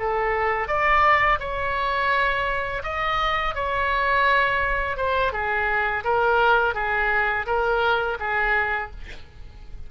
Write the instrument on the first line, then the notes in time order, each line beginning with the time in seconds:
oboe
0.00 A4
0.68 D5
1.40 C#5
2.83 D#5
3.55 C#5
4.97 C5
5.32 G#4
6.04 A#4
6.75 G#4
7.46 A#4
8.19 G#4